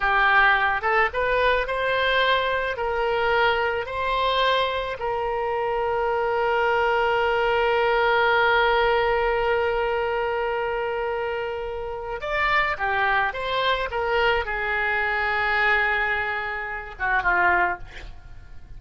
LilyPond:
\new Staff \with { instrumentName = "oboe" } { \time 4/4 \tempo 4 = 108 g'4. a'8 b'4 c''4~ | c''4 ais'2 c''4~ | c''4 ais'2.~ | ais'1~ |
ais'1~ | ais'2 d''4 g'4 | c''4 ais'4 gis'2~ | gis'2~ gis'8 fis'8 f'4 | }